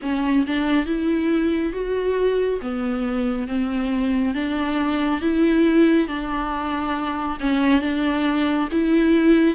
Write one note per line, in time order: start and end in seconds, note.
0.02 0.45 C#4
0.46 0.85 D4
0.85 1.72 E4
1.72 2.59 F#4
2.61 3.47 B3
3.47 4.34 C4
4.34 5.21 D4
5.21 6.07 E4
6.07 7.38 D4
7.40 7.81 C#4
7.81 8.68 D4
8.71 9.55 E4